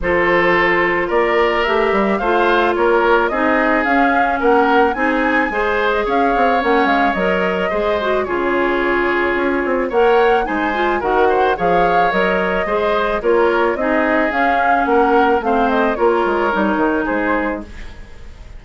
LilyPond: <<
  \new Staff \with { instrumentName = "flute" } { \time 4/4 \tempo 4 = 109 c''2 d''4 e''4 | f''4 cis''4 dis''4 f''4 | fis''4 gis''4.~ gis''16 dis''16 f''4 | fis''8 f''8 dis''2 cis''4~ |
cis''2 fis''4 gis''4 | fis''4 f''4 dis''2 | cis''4 dis''4 f''4 fis''4 | f''8 dis''8 cis''2 c''4 | }
  \new Staff \with { instrumentName = "oboe" } { \time 4/4 a'2 ais'2 | c''4 ais'4 gis'2 | ais'4 gis'4 c''4 cis''4~ | cis''2 c''4 gis'4~ |
gis'2 cis''4 c''4 | ais'8 c''8 cis''2 c''4 | ais'4 gis'2 ais'4 | c''4 ais'2 gis'4 | }
  \new Staff \with { instrumentName = "clarinet" } { \time 4/4 f'2. g'4 | f'2 dis'4 cis'4~ | cis'4 dis'4 gis'2 | cis'4 ais'4 gis'8 fis'8 f'4~ |
f'2 ais'4 dis'8 f'8 | fis'4 gis'4 ais'4 gis'4 | f'4 dis'4 cis'2 | c'4 f'4 dis'2 | }
  \new Staff \with { instrumentName = "bassoon" } { \time 4/4 f2 ais4 a8 g8 | a4 ais4 c'4 cis'4 | ais4 c'4 gis4 cis'8 c'8 | ais8 gis8 fis4 gis4 cis4~ |
cis4 cis'8 c'8 ais4 gis4 | dis4 f4 fis4 gis4 | ais4 c'4 cis'4 ais4 | a4 ais8 gis8 g8 dis8 gis4 | }
>>